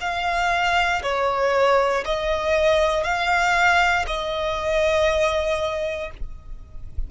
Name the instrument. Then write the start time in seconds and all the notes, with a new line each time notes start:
violin
0.00 F5
1.02 C#5
2.05 D#5
3.03 F5
4.07 D#5